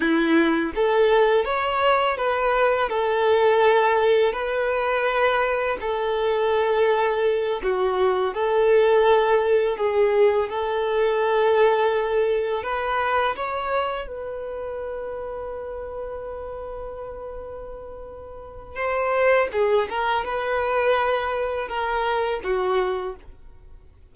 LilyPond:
\new Staff \with { instrumentName = "violin" } { \time 4/4 \tempo 4 = 83 e'4 a'4 cis''4 b'4 | a'2 b'2 | a'2~ a'8 fis'4 a'8~ | a'4. gis'4 a'4.~ |
a'4. b'4 cis''4 b'8~ | b'1~ | b'2 c''4 gis'8 ais'8 | b'2 ais'4 fis'4 | }